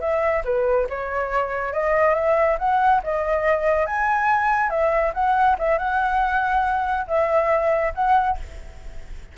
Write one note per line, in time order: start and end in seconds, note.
0.00 0.43 E5
0.45 0.87 B4
0.89 1.73 C#5
1.73 2.14 D#5
2.14 2.57 E5
2.59 3.02 F#5
3.03 3.86 D#5
3.86 4.70 G#5
4.70 5.13 E5
5.14 5.57 F#5
5.59 5.78 E5
5.78 7.07 F#5
7.07 7.93 E5
7.94 8.37 F#5